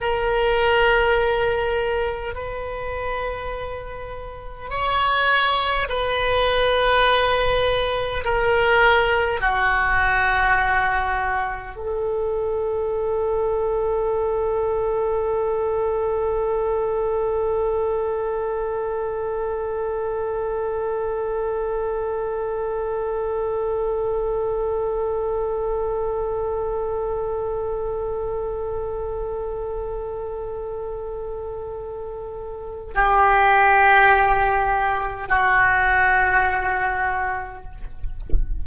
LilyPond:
\new Staff \with { instrumentName = "oboe" } { \time 4/4 \tempo 4 = 51 ais'2 b'2 | cis''4 b'2 ais'4 | fis'2 a'2~ | a'1~ |
a'1~ | a'1~ | a'1 | g'2 fis'2 | }